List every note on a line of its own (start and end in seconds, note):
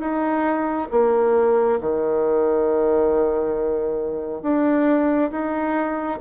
0.00 0.88 D#4
0.91 1.80 A#3
1.81 4.43 D#3
4.43 5.31 D4
5.31 6.20 D#4